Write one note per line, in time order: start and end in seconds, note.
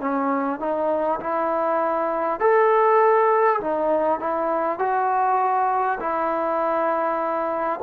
0.00 0.59 C#4
0.59 1.19 D#4
1.21 2.41 E4
2.41 3.61 A4
3.61 4.19 D#4
4.19 4.79 E4
4.79 5.99 F#4
6.00 7.80 E4